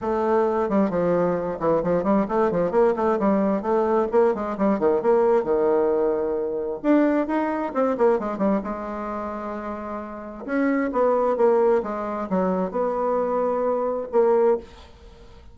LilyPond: \new Staff \with { instrumentName = "bassoon" } { \time 4/4 \tempo 4 = 132 a4. g8 f4. e8 | f8 g8 a8 f8 ais8 a8 g4 | a4 ais8 gis8 g8 dis8 ais4 | dis2. d'4 |
dis'4 c'8 ais8 gis8 g8 gis4~ | gis2. cis'4 | b4 ais4 gis4 fis4 | b2. ais4 | }